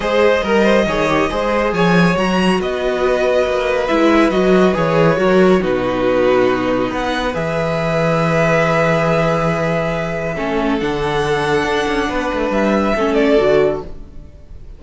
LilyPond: <<
  \new Staff \with { instrumentName = "violin" } { \time 4/4 \tempo 4 = 139 dis''1 | gis''4 ais''4 dis''2~ | dis''4 e''4 dis''4 cis''4~ | cis''4 b'2. |
fis''4 e''2.~ | e''1~ | e''4 fis''2.~ | fis''4 e''4. d''4. | }
  \new Staff \with { instrumentName = "violin" } { \time 4/4 c''4 ais'8 c''8 cis''4 c''4 | cis''2 b'2~ | b'1 | ais'4 fis'2. |
b'1~ | b'1 | a'1 | b'2 a'2 | }
  \new Staff \with { instrumentName = "viola" } { \time 4/4 gis'4 ais'4 gis'8 g'8 gis'4~ | gis'4 fis'2.~ | fis'4 e'4 fis'4 gis'4 | fis'4 dis'2.~ |
dis'4 gis'2.~ | gis'1 | cis'4 d'2.~ | d'2 cis'4 fis'4 | }
  \new Staff \with { instrumentName = "cello" } { \time 4/4 gis4 g4 dis4 gis4 | f4 fis4 b2 | ais4 gis4 fis4 e4 | fis4 b,2. |
b4 e2.~ | e1 | a4 d2 d'8 cis'8 | b8 a8 g4 a4 d4 | }
>>